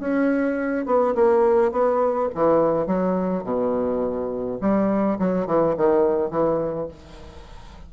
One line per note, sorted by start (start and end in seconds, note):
0.00 0.86 C#4
0.86 1.15 B3
1.15 1.72 A#3
1.72 2.30 B3
2.35 2.87 E3
2.87 3.44 F#3
3.44 4.60 B2
4.62 5.19 G3
5.19 5.47 F#3
5.47 5.76 E3
5.78 6.31 D#3
6.31 6.89 E3